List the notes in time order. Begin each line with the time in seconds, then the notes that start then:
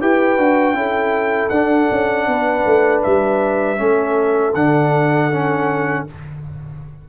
0.00 E4 G4 B4 G5
0.38 D4 F#4
0.74 C#4 E4 A4
1.49 D4 F#5
1.91 C#4
2.27 B3 B4
2.65 A3
3.02 G3 E5
3.76 A3 C#4 A4
4.54 D3 D4 F#5
5.31 C#4